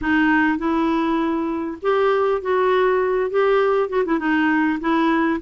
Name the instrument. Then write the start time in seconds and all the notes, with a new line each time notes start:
clarinet
0.01 D#4
0.58 E4
1.82 G4
2.41 F#4
3.30 G4
3.89 F#4
4.05 E4
4.19 D#4
4.80 E4